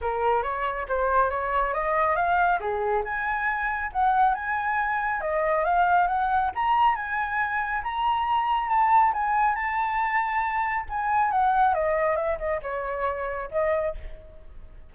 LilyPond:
\new Staff \with { instrumentName = "flute" } { \time 4/4 \tempo 4 = 138 ais'4 cis''4 c''4 cis''4 | dis''4 f''4 gis'4 gis''4~ | gis''4 fis''4 gis''2 | dis''4 f''4 fis''4 ais''4 |
gis''2 ais''2 | a''4 gis''4 a''2~ | a''4 gis''4 fis''4 dis''4 | e''8 dis''8 cis''2 dis''4 | }